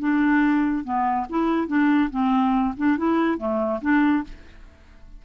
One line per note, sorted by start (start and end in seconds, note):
0.00 0.85 D4
0.85 1.27 B3
1.30 1.68 E4
1.68 2.10 D4
2.11 2.75 C4
2.77 2.98 D4
2.98 3.38 E4
3.38 3.81 A3
3.82 4.24 D4